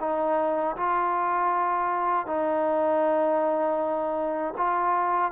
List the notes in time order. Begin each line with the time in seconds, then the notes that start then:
0.00 D#4
0.76 F4
2.26 D#4
4.57 F4